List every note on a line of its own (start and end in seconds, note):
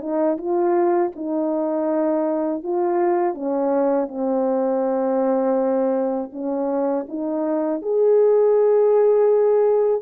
0.00 0.37 D#4
0.37 1.11 F4
1.15 2.63 D#4
2.63 3.34 F4
3.34 4.08 C#4
4.08 6.30 C4
6.32 7.06 C#4
7.08 7.82 D#4
7.82 10.02 G#4